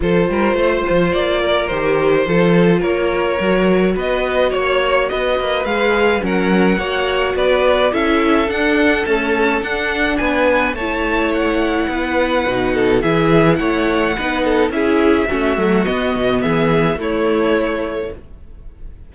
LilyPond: <<
  \new Staff \with { instrumentName = "violin" } { \time 4/4 \tempo 4 = 106 c''2 d''4 c''4~ | c''4 cis''2 dis''4 | cis''4 dis''4 f''4 fis''4~ | fis''4 d''4 e''4 fis''4 |
a''4 fis''4 gis''4 a''4 | fis''2. e''4 | fis''2 e''2 | dis''4 e''4 cis''2 | }
  \new Staff \with { instrumentName = "violin" } { \time 4/4 a'8 ais'8 c''4. ais'4. | a'4 ais'2 b'4 | cis''4 b'2 ais'4 | cis''4 b'4 a'2~ |
a'2 b'4 cis''4~ | cis''4 b'4. a'8 gis'4 | cis''4 b'8 a'8 gis'4 fis'4~ | fis'4 gis'4 e'2 | }
  \new Staff \with { instrumentName = "viola" } { \time 4/4 f'2. g'4 | f'2 fis'2~ | fis'2 gis'4 cis'4 | fis'2 e'4 d'4 |
a4 d'2 e'4~ | e'2 dis'4 e'4~ | e'4 dis'4 e'4 cis'8 a8 | b2 a2 | }
  \new Staff \with { instrumentName = "cello" } { \time 4/4 f8 g8 a8 f8 ais4 dis4 | f4 ais4 fis4 b4 | ais4 b8 ais8 gis4 fis4 | ais4 b4 cis'4 d'4 |
cis'4 d'4 b4 a4~ | a4 b4 b,4 e4 | a4 b4 cis'4 a8 fis8 | b8 b,8 e4 a2 | }
>>